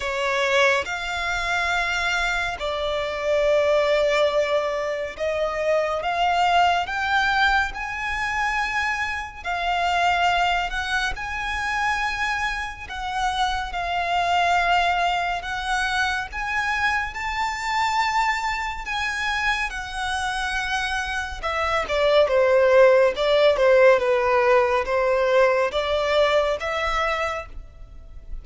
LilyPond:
\new Staff \with { instrumentName = "violin" } { \time 4/4 \tempo 4 = 70 cis''4 f''2 d''4~ | d''2 dis''4 f''4 | g''4 gis''2 f''4~ | f''8 fis''8 gis''2 fis''4 |
f''2 fis''4 gis''4 | a''2 gis''4 fis''4~ | fis''4 e''8 d''8 c''4 d''8 c''8 | b'4 c''4 d''4 e''4 | }